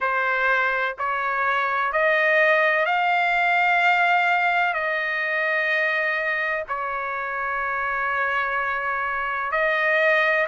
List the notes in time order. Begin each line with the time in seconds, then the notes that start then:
0.00 C5
0.98 C#5
1.92 D#5
2.85 F5
4.73 D#5
6.68 C#5
9.51 D#5